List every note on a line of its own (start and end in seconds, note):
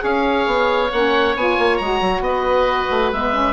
0.00 0.47 C#4
0.00 0.88 G#4
0.00 2.24 C#5
0.00 0.92 F5
0.47 0.91 B3
0.92 1.36 A#3
0.92 1.38 C#4
0.92 1.36 F#5
1.36 1.58 B3
1.36 1.82 F4
1.36 1.77 G#5
1.59 1.80 A#3
1.77 2.01 G#3
1.77 3.14 F#4
1.77 2.22 A#5
2.01 2.20 F#3
2.20 2.87 B3
2.20 3.12 D#5
2.28 3.54 B4
2.91 3.12 A3
3.12 3.54 G#3
3.12 3.33 B3
3.12 3.54 E5
3.33 3.54 C#4